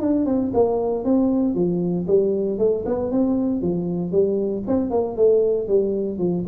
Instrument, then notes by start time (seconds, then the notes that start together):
tuba
0.00 D4
0.26 C4
0.54 A#3
1.04 C4
1.55 F3
2.07 G3
2.58 A3
2.85 B3
3.11 C4
3.62 F3
4.11 G3
4.67 C4
4.90 A#3
5.16 A3
5.68 G3
6.18 F3